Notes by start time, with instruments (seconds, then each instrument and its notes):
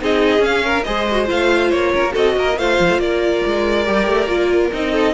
0.00 cello C4, viola D#4, violin G#4 D#5
0.39 viola C#4, cello C#4, violin F5
0.64 violin A#4
0.84 cello G#3, viola G#4, violin C5 D#5
1.11 viola F#4
1.26 cello A3, viola F4, violin F5
1.71 cello A#3, violin C#5
1.94 cello C#4, violin A#4
2.04 cello A#3
2.12 cello C4, viola F#4, violin A4 D#5
2.37 cello A#3, violin A#4
2.58 cello A3, viola F4, violin C5 F5
2.79 cello F3
2.89 cello A3
2.98 cello A#3, violin A#4 D5
3.46 cello G#3
3.86 cello G3, viola G4
4.07 cello A3
4.27 cello A#3, viola F4
4.73 cello C4, viola D#4, violin D#5
4.92 violin A4